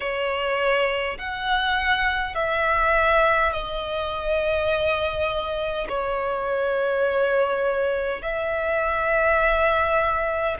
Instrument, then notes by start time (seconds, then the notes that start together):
violin
0.00 C#5
1.18 F#5
2.34 E5
3.52 D#5
5.88 C#5
8.21 E5